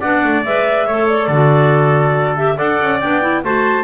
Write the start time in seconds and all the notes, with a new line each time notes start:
0.00 B3 D4 D5 F#5
0.25 A3
0.45 G#3 B4 E5
0.87 A3 A4 C#5
1.09 D5
1.27 D3 F#4 A4
2.37 G4 E5
2.57 D4 A4 D5 F#5
2.82 C#4
3.00 B3 D4 G5
3.22 E4
3.44 A3 F#4 C5 A5